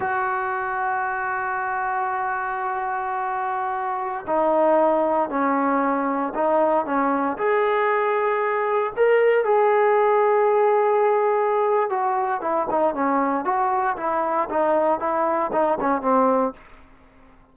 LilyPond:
\new Staff \with { instrumentName = "trombone" } { \time 4/4 \tempo 4 = 116 fis'1~ | fis'1~ | fis'16 dis'2 cis'4.~ cis'16~ | cis'16 dis'4 cis'4 gis'4.~ gis'16~ |
gis'4~ gis'16 ais'4 gis'4.~ gis'16~ | gis'2. fis'4 | e'8 dis'8 cis'4 fis'4 e'4 | dis'4 e'4 dis'8 cis'8 c'4 | }